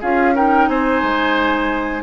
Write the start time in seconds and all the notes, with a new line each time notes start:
0.00 C#4 F4 G#4 F5
0.35 D#4 A#4 G5
0.68 C4 C5 G#5
1.02 G#3